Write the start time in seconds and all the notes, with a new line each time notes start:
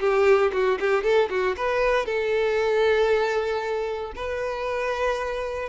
0.00 G4
0.53 F#4
0.80 G4
1.03 A4
1.30 F#4
1.57 B4
2.06 A4
4.16 B4